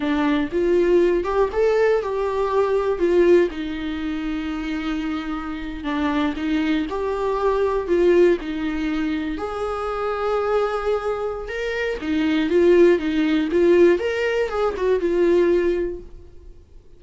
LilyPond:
\new Staff \with { instrumentName = "viola" } { \time 4/4 \tempo 4 = 120 d'4 f'4. g'8 a'4 | g'2 f'4 dis'4~ | dis'2.~ dis'8. d'16~ | d'8. dis'4 g'2 f'16~ |
f'8. dis'2 gis'4~ gis'16~ | gis'2. ais'4 | dis'4 f'4 dis'4 f'4 | ais'4 gis'8 fis'8 f'2 | }